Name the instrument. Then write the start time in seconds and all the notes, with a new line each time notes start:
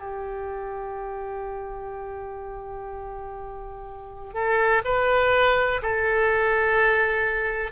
oboe
0.00 G4
4.34 A4
4.85 B4
5.82 A4